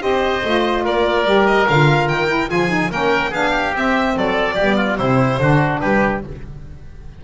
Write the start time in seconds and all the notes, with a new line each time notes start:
0.00 C4 G4 C5 D#5
0.45 A3 F4
0.84 A#3 A#4 D5
1.24 G3 G4
1.47 D#5
1.67 D3 F4 F5
2.08 D#3 G5
2.27 E4
2.48 F3 F4 G#4 G#5
2.68 D#4
2.90 A#3 C#4 A#4 G5
3.30 B3 D4 G#4 F5
3.50 G4
3.73 C4 E5
4.16 F#3 A4 D5
4.55 G3 B3 G4
4.76 F4
4.97 C3 C4 E4 C5
5.38 D3 D4 F#4
5.80 G3 G4 B4